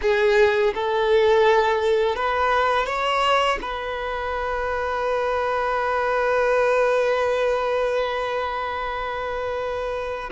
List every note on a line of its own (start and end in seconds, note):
0.01 0.73 G#4
0.74 2.15 A4
2.15 2.86 B4
2.86 3.58 C#5
3.61 10.30 B4